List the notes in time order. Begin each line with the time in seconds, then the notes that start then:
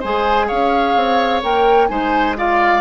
0.00 G#3 G#4 C5 G#5
0.48 C#4 C#5 F5
0.96 C4
1.43 A#3 A#4 G5
1.88 G#3 D#4 C5 G#5
2.37 F4 D5 F5